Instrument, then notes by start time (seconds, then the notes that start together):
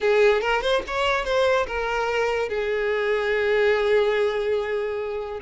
violin
0.00 G#4
0.41 A#4
0.61 C5
0.87 C#5
1.24 C5
1.66 A#4
2.48 G#4